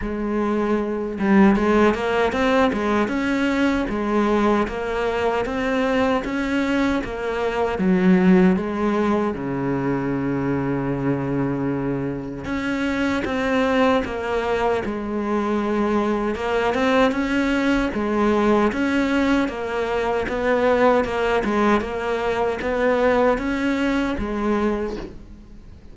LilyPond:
\new Staff \with { instrumentName = "cello" } { \time 4/4 \tempo 4 = 77 gis4. g8 gis8 ais8 c'8 gis8 | cis'4 gis4 ais4 c'4 | cis'4 ais4 fis4 gis4 | cis1 |
cis'4 c'4 ais4 gis4~ | gis4 ais8 c'8 cis'4 gis4 | cis'4 ais4 b4 ais8 gis8 | ais4 b4 cis'4 gis4 | }